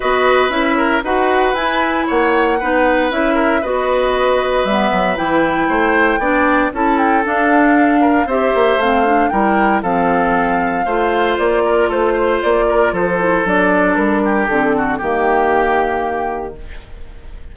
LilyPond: <<
  \new Staff \with { instrumentName = "flute" } { \time 4/4 \tempo 4 = 116 dis''4 e''4 fis''4 gis''4 | fis''2 e''4 dis''4~ | dis''4 e''4 g''2~ | g''4 a''8 g''8 f''2 |
e''4 f''4 g''4 f''4~ | f''2 d''4 c''4 | d''4 c''4 d''4 ais'4 | a'4 g'2. | }
  \new Staff \with { instrumentName = "oboe" } { \time 4/4 b'4. ais'8 b'2 | cis''4 b'4. ais'8 b'4~ | b'2. c''4 | d''4 a'2~ a'8 ais'8 |
c''2 ais'4 a'4~ | a'4 c''4. ais'8 a'8 c''8~ | c''8 ais'8 a'2~ a'8 g'8~ | g'8 fis'8 g'2. | }
  \new Staff \with { instrumentName = "clarinet" } { \time 4/4 fis'4 e'4 fis'4 e'4~ | e'4 dis'4 e'4 fis'4~ | fis'4 b4 e'2 | d'4 e'4 d'2 |
g'4 c'8 d'8 e'4 c'4~ | c'4 f'2.~ | f'4. e'8 d'2 | c'4 ais2. | }
  \new Staff \with { instrumentName = "bassoon" } { \time 4/4 b4 cis'4 dis'4 e'4 | ais4 b4 cis'4 b4~ | b4 g8 fis8 e4 a4 | b4 cis'4 d'2 |
c'8 ais8 a4 g4 f4~ | f4 a4 ais4 a4 | ais4 f4 fis4 g4 | d4 dis2. | }
>>